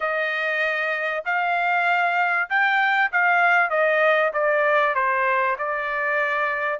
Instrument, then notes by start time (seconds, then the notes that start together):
trumpet
0.00 D#5
1.25 F5
2.49 G5
3.12 F5
3.70 D#5
4.33 D5
4.95 C5
5.58 D5